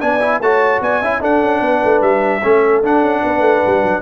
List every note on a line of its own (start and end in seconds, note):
0.00 0.40 B3
0.00 0.20 D4
0.00 0.41 D5
0.00 0.40 G#5
0.21 0.41 E4
0.40 0.80 A3
0.40 1.03 F#4
0.40 0.82 C#5
0.40 0.82 A5
0.81 1.01 B3
0.81 1.01 D5
0.81 1.23 G#5
1.01 1.21 C#4
1.01 1.21 E4
1.01 1.21 E5
1.21 2.41 D4
1.21 1.42 D4
1.21 1.61 A4
1.21 2.02 F#5
1.42 1.61 C#4
1.61 1.81 B3
1.61 2.42 B4
1.84 2.02 A3
2.02 2.42 G3
2.02 2.82 E5
2.43 2.83 A3
2.43 2.83 C#4
2.43 3.21 A4
2.83 3.02 D4
2.83 4.02 D4
2.83 4.02 F#5
3.02 3.22 C#4
3.21 3.40 B3
3.21 4.02 B4
3.40 3.60 A3
3.66 3.83 G3
3.83 4.02 F#3